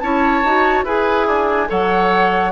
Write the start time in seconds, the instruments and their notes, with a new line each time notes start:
0.00 bassoon C#4, clarinet E4, oboe C#5, flute A5
0.44 bassoon D#4, clarinet F#4
0.84 bassoon E4, clarinet G#4, oboe B4, flute G#5
1.27 oboe D4
1.68 bassoon F#3, clarinet A4, oboe C#5, flute F#5